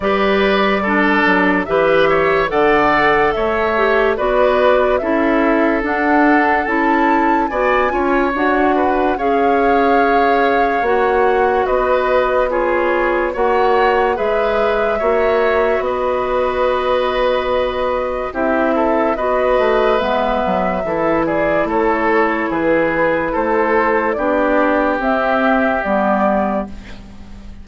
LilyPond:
<<
  \new Staff \with { instrumentName = "flute" } { \time 4/4 \tempo 4 = 72 d''2 e''4 fis''4 | e''4 d''4 e''4 fis''4 | a''4 gis''4 fis''4 f''4~ | f''4 fis''4 dis''4 cis''4 |
fis''4 e''2 dis''4~ | dis''2 e''4 dis''4 | e''4. d''8 cis''4 b'4 | c''4 d''4 e''4 d''4 | }
  \new Staff \with { instrumentName = "oboe" } { \time 4/4 b'4 a'4 b'8 cis''8 d''4 | cis''4 b'4 a'2~ | a'4 d''8 cis''4 b'8 cis''4~ | cis''2 b'4 gis'4 |
cis''4 b'4 cis''4 b'4~ | b'2 g'8 a'8 b'4~ | b'4 a'8 gis'8 a'4 gis'4 | a'4 g'2. | }
  \new Staff \with { instrumentName = "clarinet" } { \time 4/4 g'4 d'4 g'4 a'4~ | a'8 g'8 fis'4 e'4 d'4 | e'4 fis'8 f'8 fis'4 gis'4~ | gis'4 fis'2 f'4 |
fis'4 gis'4 fis'2~ | fis'2 e'4 fis'4 | b4 e'2.~ | e'4 d'4 c'4 b4 | }
  \new Staff \with { instrumentName = "bassoon" } { \time 4/4 g4. fis8 e4 d4 | a4 b4 cis'4 d'4 | cis'4 b8 cis'8 d'4 cis'4~ | cis'4 ais4 b2 |
ais4 gis4 ais4 b4~ | b2 c'4 b8 a8 | gis8 fis8 e4 a4 e4 | a4 b4 c'4 g4 | }
>>